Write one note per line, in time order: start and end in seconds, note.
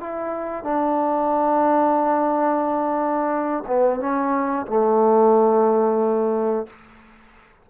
0.00 0.64 E4
0.64 3.64 D4
3.67 4.00 B3
4.00 4.67 C#4
4.67 6.67 A3